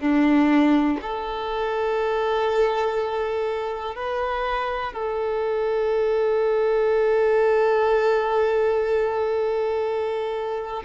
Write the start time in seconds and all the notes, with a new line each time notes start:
0.00 D4
1.01 A4
3.96 B4
4.93 A4